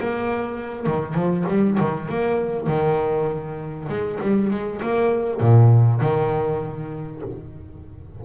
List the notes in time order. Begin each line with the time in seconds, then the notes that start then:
0.00 A#3
0.87 D#3
1.15 F3
1.49 G3
1.80 D#3
2.09 A#3
2.67 D#3
3.89 G#3
4.22 G3
4.51 G#3
4.83 A#3
5.41 A#2
6.01 D#3